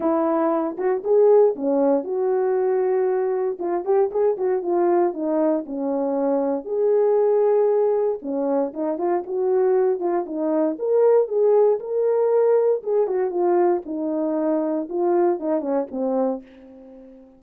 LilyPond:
\new Staff \with { instrumentName = "horn" } { \time 4/4 \tempo 4 = 117 e'4. fis'8 gis'4 cis'4 | fis'2. f'8 g'8 | gis'8 fis'8 f'4 dis'4 cis'4~ | cis'4 gis'2. |
cis'4 dis'8 f'8 fis'4. f'8 | dis'4 ais'4 gis'4 ais'4~ | ais'4 gis'8 fis'8 f'4 dis'4~ | dis'4 f'4 dis'8 cis'8 c'4 | }